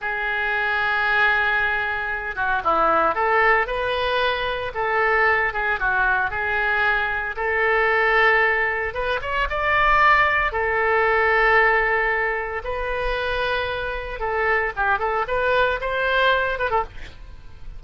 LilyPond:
\new Staff \with { instrumentName = "oboe" } { \time 4/4 \tempo 4 = 114 gis'1~ | gis'8 fis'8 e'4 a'4 b'4~ | b'4 a'4. gis'8 fis'4 | gis'2 a'2~ |
a'4 b'8 cis''8 d''2 | a'1 | b'2. a'4 | g'8 a'8 b'4 c''4. b'16 a'16 | }